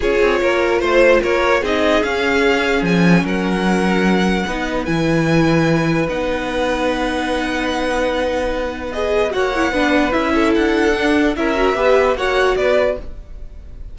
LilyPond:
<<
  \new Staff \with { instrumentName = "violin" } { \time 4/4 \tempo 4 = 148 cis''2 c''4 cis''4 | dis''4 f''2 gis''4 | fis''1 | gis''2. fis''4~ |
fis''1~ | fis''2 dis''4 fis''4~ | fis''4 e''4 fis''2 | e''2 fis''4 d''4 | }
  \new Staff \with { instrumentName = "violin" } { \time 4/4 gis'4 ais'4 c''4 ais'4 | gis'1 | ais'2. b'4~ | b'1~ |
b'1~ | b'2. cis''4 | b'4. a'2~ a'8 | ais'4 b'4 cis''4 b'4 | }
  \new Staff \with { instrumentName = "viola" } { \time 4/4 f'1 | dis'4 cis'2.~ | cis'2. dis'4 | e'2. dis'4~ |
dis'1~ | dis'2 gis'4 fis'8 e'8 | d'4 e'2 d'4 | e'8 fis'8 g'4 fis'2 | }
  \new Staff \with { instrumentName = "cello" } { \time 4/4 cis'8 c'8 ais4 a4 ais4 | c'4 cis'2 f4 | fis2. b4 | e2. b4~ |
b1~ | b2. ais4 | b4 cis'4 d'2 | cis'4 b4 ais4 b4 | }
>>